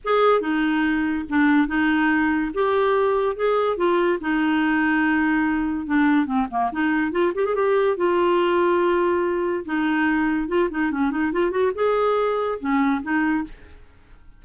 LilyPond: \new Staff \with { instrumentName = "clarinet" } { \time 4/4 \tempo 4 = 143 gis'4 dis'2 d'4 | dis'2 g'2 | gis'4 f'4 dis'2~ | dis'2 d'4 c'8 ais8 |
dis'4 f'8 g'16 gis'16 g'4 f'4~ | f'2. dis'4~ | dis'4 f'8 dis'8 cis'8 dis'8 f'8 fis'8 | gis'2 cis'4 dis'4 | }